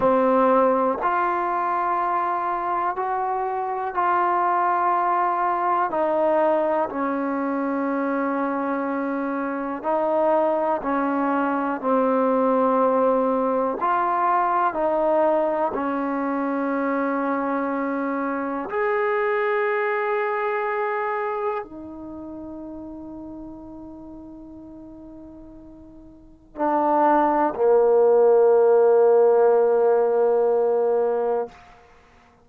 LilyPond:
\new Staff \with { instrumentName = "trombone" } { \time 4/4 \tempo 4 = 61 c'4 f'2 fis'4 | f'2 dis'4 cis'4~ | cis'2 dis'4 cis'4 | c'2 f'4 dis'4 |
cis'2. gis'4~ | gis'2 dis'2~ | dis'2. d'4 | ais1 | }